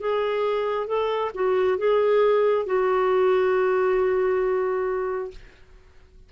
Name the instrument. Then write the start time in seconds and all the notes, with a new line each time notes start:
clarinet
0.00 G#4
0.87 A4
1.34 F#4
1.78 G#4
2.66 F#4